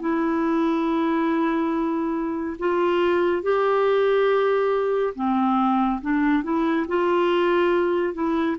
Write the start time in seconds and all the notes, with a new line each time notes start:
0.00 E4
2.59 F4
3.42 G4
5.15 C4
6.02 D4
6.43 E4
6.88 F4
8.14 E4